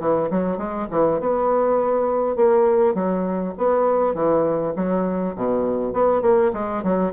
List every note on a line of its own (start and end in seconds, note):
0.00 0.30 E3
0.31 0.58 F#3
0.58 0.87 G#3
0.91 1.20 E3
1.20 2.36 B3
2.36 2.95 A#3
2.95 3.54 F#3
3.58 4.14 B3
4.14 4.74 E3
4.76 5.35 F#3
5.36 5.94 B2
5.94 6.22 B3
6.22 6.52 A#3
6.53 6.83 G#3
6.83 7.13 F#3